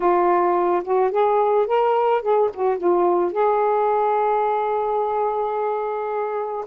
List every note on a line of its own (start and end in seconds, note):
0.00 0.82 F4
0.84 1.11 F#4
1.11 1.66 G#4
1.66 2.22 A#4
2.22 2.49 G#4
2.53 2.77 F#4
2.77 3.32 F4
3.32 6.65 G#4